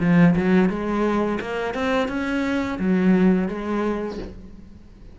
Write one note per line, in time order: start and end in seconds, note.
0.00 0.35 F3
0.36 0.69 F#3
0.69 1.39 G#3
1.41 1.74 A#3
1.74 2.08 C4
2.08 2.78 C#4
2.79 3.48 F#3
3.48 4.18 G#3